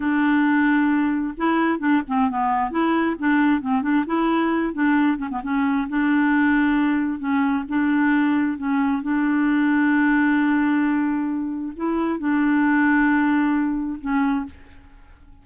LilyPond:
\new Staff \with { instrumentName = "clarinet" } { \time 4/4 \tempo 4 = 133 d'2. e'4 | d'8 c'8 b4 e'4 d'4 | c'8 d'8 e'4. d'4 cis'16 b16 | cis'4 d'2. |
cis'4 d'2 cis'4 | d'1~ | d'2 e'4 d'4~ | d'2. cis'4 | }